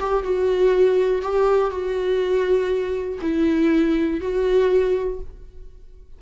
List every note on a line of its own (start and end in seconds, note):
0.00 0.23 G4
0.23 1.22 F#4
1.22 1.71 G4
1.71 3.19 F#4
3.21 4.21 E4
4.21 5.20 F#4